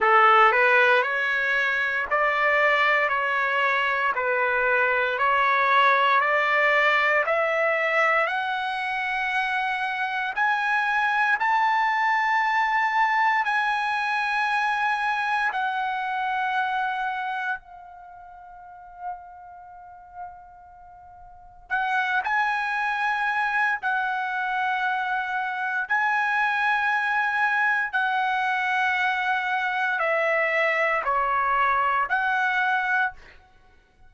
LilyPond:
\new Staff \with { instrumentName = "trumpet" } { \time 4/4 \tempo 4 = 58 a'8 b'8 cis''4 d''4 cis''4 | b'4 cis''4 d''4 e''4 | fis''2 gis''4 a''4~ | a''4 gis''2 fis''4~ |
fis''4 f''2.~ | f''4 fis''8 gis''4. fis''4~ | fis''4 gis''2 fis''4~ | fis''4 e''4 cis''4 fis''4 | }